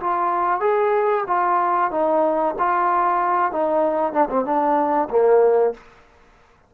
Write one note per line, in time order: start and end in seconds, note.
0.00 0.60 F4
0.60 1.24 G#4
1.27 1.91 F4
1.91 2.55 D#4
2.59 3.52 F4
3.52 4.13 D#4
4.13 4.29 D4
4.30 4.45 C4
4.45 5.09 D4
5.10 5.74 A#3